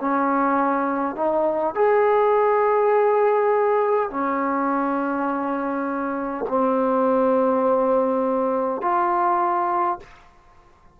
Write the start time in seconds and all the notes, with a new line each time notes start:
0.00 C#4
1.16 D#4
1.75 G#4
4.10 C#4
6.48 C4
8.82 F4